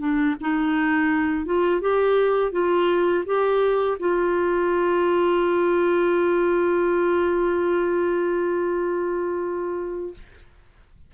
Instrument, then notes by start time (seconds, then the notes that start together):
clarinet
0.00 D4
0.41 D#4
1.46 F4
1.81 G4
2.52 F4
3.26 G4
4.00 F4